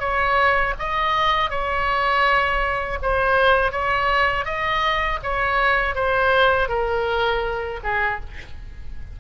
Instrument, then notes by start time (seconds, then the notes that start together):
oboe
0.00 C#5
0.79 D#5
1.51 C#5
3.02 C5
3.72 C#5
4.45 D#5
5.23 C#5
5.95 C5
6.69 A#4
7.84 G#4